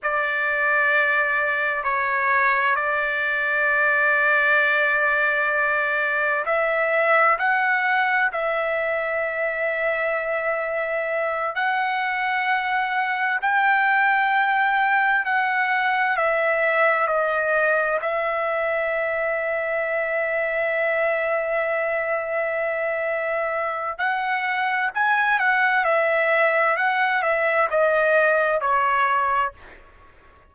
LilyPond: \new Staff \with { instrumentName = "trumpet" } { \time 4/4 \tempo 4 = 65 d''2 cis''4 d''4~ | d''2. e''4 | fis''4 e''2.~ | e''8 fis''2 g''4.~ |
g''8 fis''4 e''4 dis''4 e''8~ | e''1~ | e''2 fis''4 gis''8 fis''8 | e''4 fis''8 e''8 dis''4 cis''4 | }